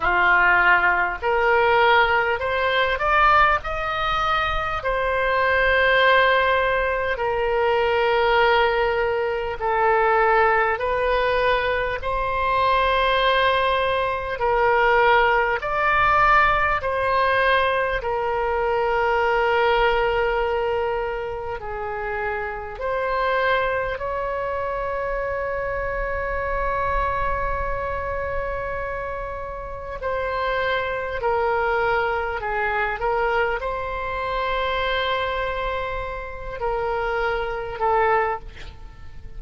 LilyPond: \new Staff \with { instrumentName = "oboe" } { \time 4/4 \tempo 4 = 50 f'4 ais'4 c''8 d''8 dis''4 | c''2 ais'2 | a'4 b'4 c''2 | ais'4 d''4 c''4 ais'4~ |
ais'2 gis'4 c''4 | cis''1~ | cis''4 c''4 ais'4 gis'8 ais'8 | c''2~ c''8 ais'4 a'8 | }